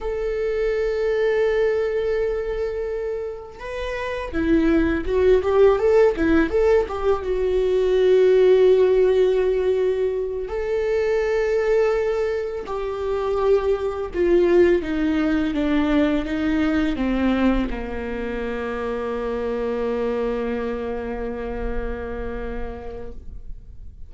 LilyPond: \new Staff \with { instrumentName = "viola" } { \time 4/4 \tempo 4 = 83 a'1~ | a'4 b'4 e'4 fis'8 g'8 | a'8 e'8 a'8 g'8 fis'2~ | fis'2~ fis'8 a'4.~ |
a'4. g'2 f'8~ | f'8 dis'4 d'4 dis'4 c'8~ | c'8 ais2.~ ais8~ | ais1 | }